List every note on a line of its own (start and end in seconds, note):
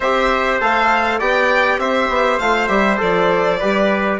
0.00 0.60 C4
0.00 0.60 G4
0.00 1.18 C5
0.00 0.60 E5
0.60 1.20 A3
0.60 1.20 A4
0.60 1.19 F5
1.18 1.78 B3
1.18 2.40 G4
1.18 1.78 D5
1.18 1.79 G5
1.78 2.08 C4
1.78 3.59 C5
1.78 2.38 E5
2.08 2.38 B3
2.38 2.68 A3
2.38 2.68 F4
2.38 2.67 F5
2.67 2.98 G3
2.67 2.97 G4
2.67 2.97 E5
2.97 3.61 F3
2.97 3.57 A4
2.97 4.19 D5
3.59 4.19 G3
3.59 4.19 G4
3.59 4.19 B4